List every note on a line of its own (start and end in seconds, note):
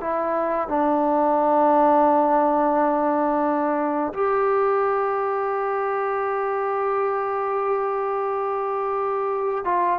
0.00 0.68 E4
0.68 4.13 D4
4.13 9.64 G4
9.64 9.99 F4